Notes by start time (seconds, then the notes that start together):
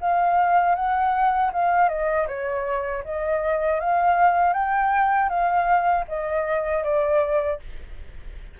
0.00 F5
0.75 F#5
1.53 F5
1.89 D#5
2.28 C#5
3.04 D#5
3.79 F5
4.53 G5
5.29 F5
6.08 D#5
6.84 D5